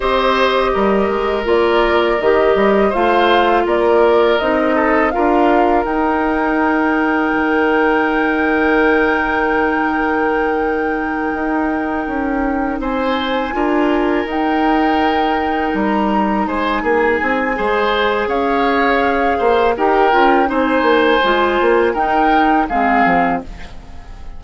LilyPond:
<<
  \new Staff \with { instrumentName = "flute" } { \time 4/4 \tempo 4 = 82 dis''2 d''4 dis''4 | f''4 d''4 dis''4 f''4 | g''1~ | g''1~ |
g''4. gis''2 g''8~ | g''4. ais''4 gis''4.~ | gis''4 f''2 g''4 | gis''2 g''4 f''4 | }
  \new Staff \with { instrumentName = "oboe" } { \time 4/4 c''4 ais'2. | c''4 ais'4. a'8 ais'4~ | ais'1~ | ais'1~ |
ais'4. c''4 ais'4.~ | ais'2~ ais'8 c''8 gis'4 | c''4 cis''4. c''8 ais'4 | c''2 ais'4 gis'4 | }
  \new Staff \with { instrumentName = "clarinet" } { \time 4/4 g'2 f'4 g'4 | f'2 dis'4 f'4 | dis'1~ | dis'1~ |
dis'2~ dis'8 f'4 dis'8~ | dis'1 | gis'2. g'8 f'8 | dis'4 f'4 dis'4 c'4 | }
  \new Staff \with { instrumentName = "bassoon" } { \time 4/4 c'4 g8 gis8 ais4 dis8 g8 | a4 ais4 c'4 d'4 | dis'2 dis2~ | dis2.~ dis8 dis'8~ |
dis'8 cis'4 c'4 d'4 dis'8~ | dis'4. g4 gis8 ais8 c'8 | gis4 cis'4. ais8 dis'8 cis'8 | c'8 ais8 gis8 ais8 dis'4 gis8 f8 | }
>>